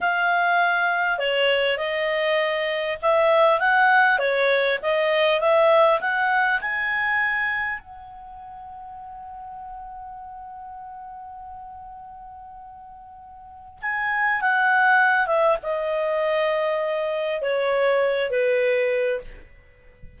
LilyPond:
\new Staff \with { instrumentName = "clarinet" } { \time 4/4 \tempo 4 = 100 f''2 cis''4 dis''4~ | dis''4 e''4 fis''4 cis''4 | dis''4 e''4 fis''4 gis''4~ | gis''4 fis''2.~ |
fis''1~ | fis''2. gis''4 | fis''4. e''8 dis''2~ | dis''4 cis''4. b'4. | }